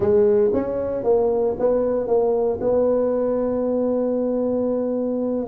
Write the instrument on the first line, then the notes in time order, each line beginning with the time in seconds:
tuba
0.00 G#3
0.53 C#4
1.03 A#3
1.59 B3
2.07 A#3
2.60 B3